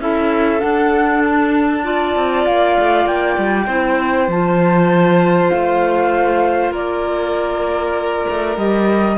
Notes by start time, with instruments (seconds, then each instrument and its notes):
0.00 cello C#4, clarinet E4, violin A4, flute E5
0.60 clarinet D4, cello D4, flute F#5
1.24 flute A5
1.84 clarinet F4, violin D5
2.16 cello C4
2.46 cello A#3, flute F5
2.79 cello A3
3.06 cello A#3, flute G5
3.37 cello G3
3.67 cello C4, clarinet E4, violin C5
4.28 cello F3, clarinet F4, flute A5
5.50 cello A3, flute F5
6.72 cello A#3, violin A#4, flute D5
8.30 cello A3
8.57 cello G3, clarinet G4, flute D#5